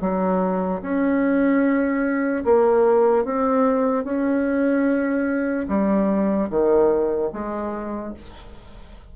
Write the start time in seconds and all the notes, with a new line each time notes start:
0.00 F#3
0.81 C#4
2.44 A#3
3.24 C4
4.04 C#4
5.68 G3
6.49 D#3
7.32 G#3